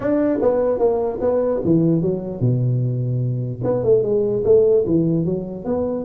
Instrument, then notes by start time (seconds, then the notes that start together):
tuba
0.00 D4
0.41 B3
0.79 A#3
1.20 B3
1.64 E3
2.01 F#3
2.40 B2
3.63 B3
3.83 A3
4.02 G#3
4.44 A3
4.86 E3
5.25 F#3
5.65 B3